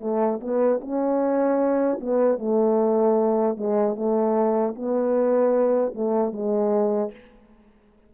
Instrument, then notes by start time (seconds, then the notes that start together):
horn
0.00 A3
0.40 B3
0.81 C#4
2.00 B3
2.38 A3
3.56 G#3
3.95 A3
4.75 B3
5.94 A3
6.32 G#3